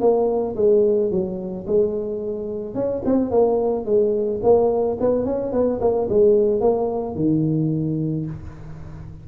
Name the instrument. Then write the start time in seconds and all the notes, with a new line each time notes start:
tuba
0.00 A#3
0.56 G#3
1.11 F#3
1.66 G#3
2.74 C#4
3.05 C4
3.30 A#3
3.85 G#3
4.43 A#3
5.00 B3
5.25 C#4
5.52 B3
5.80 A#3
6.09 G#3
6.60 A#3
7.15 D#3